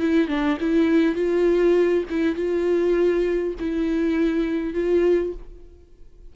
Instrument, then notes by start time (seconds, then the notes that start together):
viola
0.00 E4
0.28 D4
0.60 E4
1.15 F4
2.10 E4
2.36 F4
3.60 E4
4.74 F4